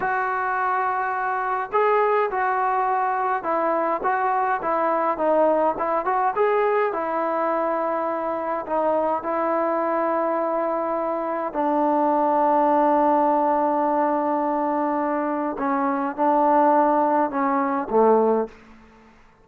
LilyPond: \new Staff \with { instrumentName = "trombone" } { \time 4/4 \tempo 4 = 104 fis'2. gis'4 | fis'2 e'4 fis'4 | e'4 dis'4 e'8 fis'8 gis'4 | e'2. dis'4 |
e'1 | d'1~ | d'2. cis'4 | d'2 cis'4 a4 | }